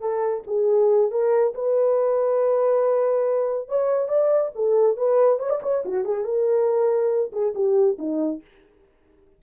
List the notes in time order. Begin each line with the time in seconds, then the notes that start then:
0.00 A4
0.46 G#4
1.11 A#4
1.54 B4
3.68 C#5
4.08 D5
4.55 A4
4.96 B4
5.39 C#5
5.49 D5
5.62 C#5
5.85 F#4
6.04 G#4
6.24 A#4
7.32 G#4
7.54 G4
7.98 D#4